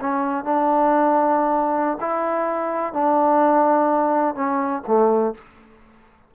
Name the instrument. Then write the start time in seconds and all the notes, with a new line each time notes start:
trombone
0.00 C#4
0.44 D4
2.00 E4
2.93 D4
4.35 C#4
4.87 A3